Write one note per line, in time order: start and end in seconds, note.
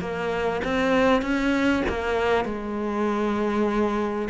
0.00 0.61 A#3
0.64 1.22 C4
1.22 1.83 C#4
1.88 2.44 A#3
2.44 4.28 G#3